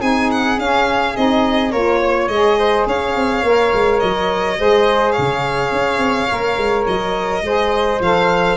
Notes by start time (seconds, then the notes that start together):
0.00 C4 D#4 G#4 G#5
0.31 F#5
0.57 C#4 F5
1.15 C4 D#4 D#5
1.71 A#3 F4 A#4 C#5
2.00 C#5
2.28 G#3 G#4 D#5
2.59 C5
2.86 C#4 C#5 F5
3.15 C4
3.43 A#3 A#4
3.73 G#3
4.00 F#3 D#5
4.57 G#3 G#4 C5
5.12 C#5 F5
5.18 C#3
5.72 C#4
5.98 C4
6.30 A#3 A#4
6.58 G#3
6.87 F#3 D#5
7.42 G#3 G#4 C5
8.00 F3 A4 F5